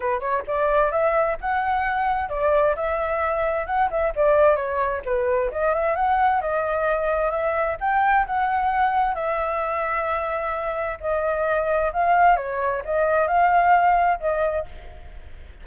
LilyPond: \new Staff \with { instrumentName = "flute" } { \time 4/4 \tempo 4 = 131 b'8 cis''8 d''4 e''4 fis''4~ | fis''4 d''4 e''2 | fis''8 e''8 d''4 cis''4 b'4 | dis''8 e''8 fis''4 dis''2 |
e''4 g''4 fis''2 | e''1 | dis''2 f''4 cis''4 | dis''4 f''2 dis''4 | }